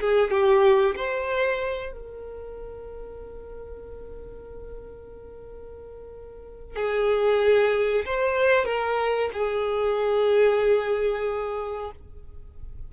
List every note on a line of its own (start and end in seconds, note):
0.00 0.30 G#4
0.30 0.95 G4
0.96 1.92 C5
1.92 6.76 A#4
6.76 8.05 G#4
8.05 8.65 C5
8.65 9.30 A#4
9.33 11.91 G#4